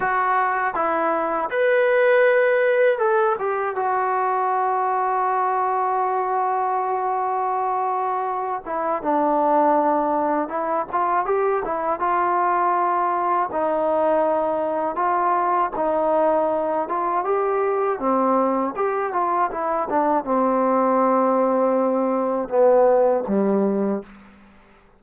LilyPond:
\new Staff \with { instrumentName = "trombone" } { \time 4/4 \tempo 4 = 80 fis'4 e'4 b'2 | a'8 g'8 fis'2.~ | fis'2.~ fis'8 e'8 | d'2 e'8 f'8 g'8 e'8 |
f'2 dis'2 | f'4 dis'4. f'8 g'4 | c'4 g'8 f'8 e'8 d'8 c'4~ | c'2 b4 g4 | }